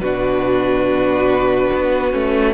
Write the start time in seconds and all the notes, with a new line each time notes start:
0.00 B2 D4 F#4 B4
1.73 B3
2.12 A3 C#4